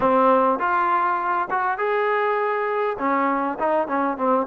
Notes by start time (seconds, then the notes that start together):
0.00 C4
0.59 F4
1.50 F#4
1.78 G#4
2.98 C#4
3.59 D#4
3.87 C#4
4.17 C4